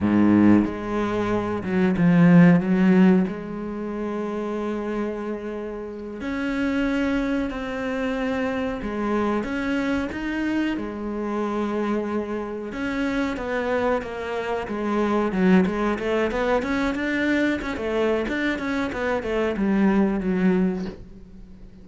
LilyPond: \new Staff \with { instrumentName = "cello" } { \time 4/4 \tempo 4 = 92 gis,4 gis4. fis8 f4 | fis4 gis2.~ | gis4. cis'2 c'8~ | c'4. gis4 cis'4 dis'8~ |
dis'8 gis2. cis'8~ | cis'8 b4 ais4 gis4 fis8 | gis8 a8 b8 cis'8 d'4 cis'16 a8. | d'8 cis'8 b8 a8 g4 fis4 | }